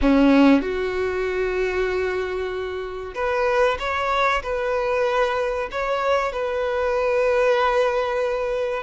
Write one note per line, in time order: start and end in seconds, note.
0.01 0.61 C#4
0.61 3.14 F#4
3.14 3.77 B4
3.79 4.42 C#5
4.42 5.69 B4
5.71 6.32 C#5
6.32 8.83 B4